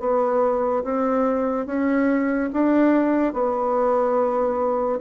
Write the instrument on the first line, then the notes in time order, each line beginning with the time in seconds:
bassoon
0.00 B3
0.84 C4
1.66 C#4
2.53 D4
3.33 B3